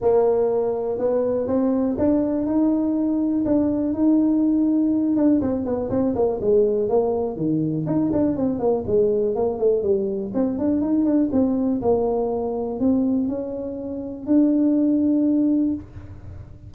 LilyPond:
\new Staff \with { instrumentName = "tuba" } { \time 4/4 \tempo 4 = 122 ais2 b4 c'4 | d'4 dis'2 d'4 | dis'2~ dis'8 d'8 c'8 b8 | c'8 ais8 gis4 ais4 dis4 |
dis'8 d'8 c'8 ais8 gis4 ais8 a8 | g4 c'8 d'8 dis'8 d'8 c'4 | ais2 c'4 cis'4~ | cis'4 d'2. | }